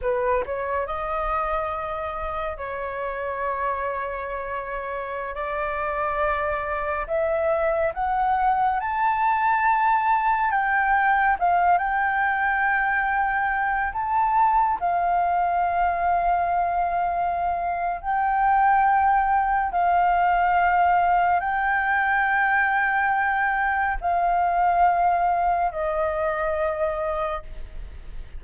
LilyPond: \new Staff \with { instrumentName = "flute" } { \time 4/4 \tempo 4 = 70 b'8 cis''8 dis''2 cis''4~ | cis''2~ cis''16 d''4.~ d''16~ | d''16 e''4 fis''4 a''4.~ a''16~ | a''16 g''4 f''8 g''2~ g''16~ |
g''16 a''4 f''2~ f''8.~ | f''4 g''2 f''4~ | f''4 g''2. | f''2 dis''2 | }